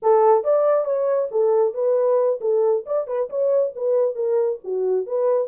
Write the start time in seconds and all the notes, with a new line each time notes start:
0.02 A4
0.43 D5
0.84 C#5
1.31 A4
1.74 B4
2.40 A4
2.86 D5
3.07 B4
3.29 C#5
3.75 B4
4.15 A#4
4.64 F#4
5.06 B4